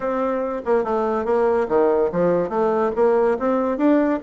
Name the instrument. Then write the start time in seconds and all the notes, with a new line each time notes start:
bassoon
0.00 C4
0.65 A#3
0.84 A3
1.25 A#3
1.68 D#3
2.12 F3
2.49 A3
2.95 A#3
3.39 C4
3.77 D4